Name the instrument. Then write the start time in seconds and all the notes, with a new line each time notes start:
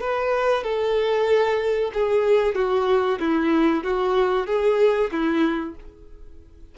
violin
0.00 B4
0.63 A4
1.93 G#4
2.55 F#4
3.19 E4
3.84 F#4
4.47 G#4
5.11 E4